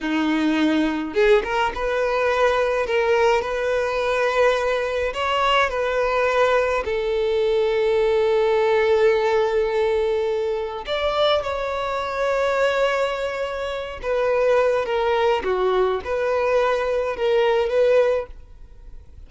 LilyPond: \new Staff \with { instrumentName = "violin" } { \time 4/4 \tempo 4 = 105 dis'2 gis'8 ais'8 b'4~ | b'4 ais'4 b'2~ | b'4 cis''4 b'2 | a'1~ |
a'2. d''4 | cis''1~ | cis''8 b'4. ais'4 fis'4 | b'2 ais'4 b'4 | }